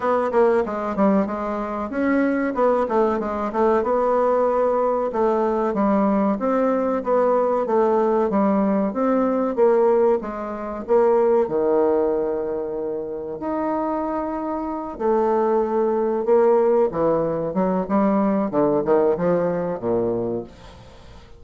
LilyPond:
\new Staff \with { instrumentName = "bassoon" } { \time 4/4 \tempo 4 = 94 b8 ais8 gis8 g8 gis4 cis'4 | b8 a8 gis8 a8 b2 | a4 g4 c'4 b4 | a4 g4 c'4 ais4 |
gis4 ais4 dis2~ | dis4 dis'2~ dis'8 a8~ | a4. ais4 e4 fis8 | g4 d8 dis8 f4 ais,4 | }